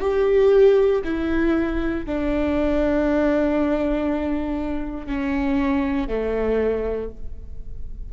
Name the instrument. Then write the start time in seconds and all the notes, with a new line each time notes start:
viola
0.00 G4
1.04 E4
2.06 D4
5.06 C#4
6.07 A3